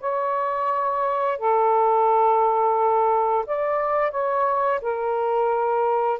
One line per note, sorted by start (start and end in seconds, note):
0.00 1.38 C#5
1.38 3.45 A4
3.46 4.11 D5
4.11 4.80 C#5
4.81 6.19 A#4